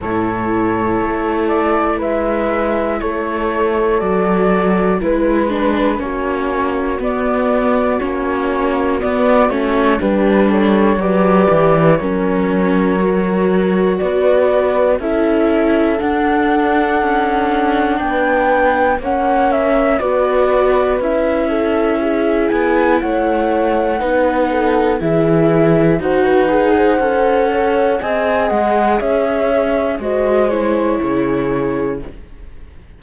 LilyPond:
<<
  \new Staff \with { instrumentName = "flute" } { \time 4/4 \tempo 4 = 60 cis''4. d''8 e''4 cis''4 | d''4 b'4 cis''4 d''4 | cis''4 d''8 cis''8 b'8 cis''8 d''4 | cis''2 d''4 e''4 |
fis''2 g''4 fis''8 e''8 | d''4 e''4. gis''8 fis''4~ | fis''4 e''4 fis''2 | gis''8 fis''8 e''4 dis''8 cis''4. | }
  \new Staff \with { instrumentName = "horn" } { \time 4/4 a'2 b'4 a'4~ | a'4 b'4 fis'2~ | fis'2 g'8 a'8 b'4 | ais'2 b'4 a'4~ |
a'2 b'4 cis''4 | b'4. a'8 gis'4 cis''4 | b'8 a'8 gis'4 c''16 b'8 c''8. cis''8 | dis''4 cis''4 c''4 gis'4 | }
  \new Staff \with { instrumentName = "viola" } { \time 4/4 e'1 | fis'4 e'8 d'8 cis'4 b4 | cis'4 b8 cis'8 d'4 g'4 | cis'4 fis'2 e'4 |
d'2. cis'4 | fis'4 e'2. | dis'4 e'4 fis'8 gis'8 a'4 | gis'2 fis'8 e'4. | }
  \new Staff \with { instrumentName = "cello" } { \time 4/4 a,4 a4 gis4 a4 | fis4 gis4 ais4 b4 | ais4 b8 a8 g4 fis8 e8 | fis2 b4 cis'4 |
d'4 cis'4 b4 ais4 | b4 cis'4. b8 a4 | b4 e4 dis'4 cis'4 | c'8 gis8 cis'4 gis4 cis4 | }
>>